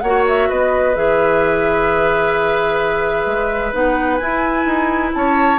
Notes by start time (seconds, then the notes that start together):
0.00 A#3 F#4 C#5 F#5
0.28 E5
0.49 B3 B4 D#5
0.94 E3 G#4 E5
3.25 G#3
3.73 B3 D#4 F#5
4.17 E4 G#5
4.65 D#4
5.14 C#4 C#5 A5